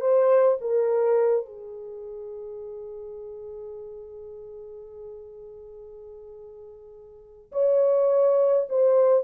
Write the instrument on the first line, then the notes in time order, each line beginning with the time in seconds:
horn
0.00 C5
0.61 A#4
1.45 G#4
7.52 C#5
8.69 C5